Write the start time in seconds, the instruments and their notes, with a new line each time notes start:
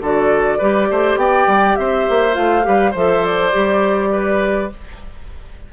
0.00 bassoon D3, clarinet F#4, oboe A4, flute D5
0.58 bassoon G3, clarinet G4, oboe B4
0.91 bassoon A3, oboe C5
1.16 bassoon B3, oboe D5, flute G5
1.47 bassoon G3
1.76 bassoon C4, oboe C5, flute E5
2.09 bassoon A#3
2.33 bassoon A3, clarinet F4, flute F5
2.63 bassoon G3, clarinet G4, oboe B4
2.91 bassoon F3, clarinet A4, oboe C5, flute E5
3.25 flute D5
3.52 bassoon G3, clarinet G4
4.12 oboe B4